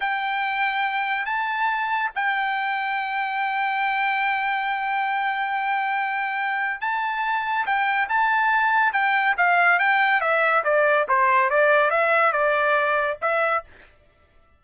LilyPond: \new Staff \with { instrumentName = "trumpet" } { \time 4/4 \tempo 4 = 141 g''2. a''4~ | a''4 g''2.~ | g''1~ | g''1 |
a''2 g''4 a''4~ | a''4 g''4 f''4 g''4 | e''4 d''4 c''4 d''4 | e''4 d''2 e''4 | }